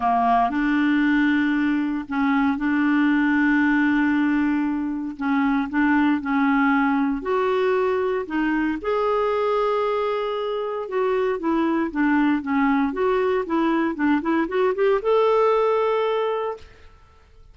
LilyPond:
\new Staff \with { instrumentName = "clarinet" } { \time 4/4 \tempo 4 = 116 ais4 d'2. | cis'4 d'2.~ | d'2 cis'4 d'4 | cis'2 fis'2 |
dis'4 gis'2.~ | gis'4 fis'4 e'4 d'4 | cis'4 fis'4 e'4 d'8 e'8 | fis'8 g'8 a'2. | }